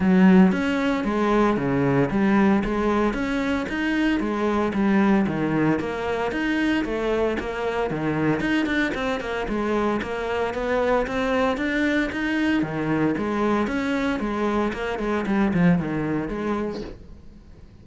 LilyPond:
\new Staff \with { instrumentName = "cello" } { \time 4/4 \tempo 4 = 114 fis4 cis'4 gis4 cis4 | g4 gis4 cis'4 dis'4 | gis4 g4 dis4 ais4 | dis'4 a4 ais4 dis4 |
dis'8 d'8 c'8 ais8 gis4 ais4 | b4 c'4 d'4 dis'4 | dis4 gis4 cis'4 gis4 | ais8 gis8 g8 f8 dis4 gis4 | }